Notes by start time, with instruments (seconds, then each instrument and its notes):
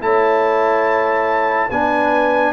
0.00 tuba A3, trombone E4, horn C#5, trumpet A5
1.69 tuba B3, trombone D4, horn B4, trumpet G#5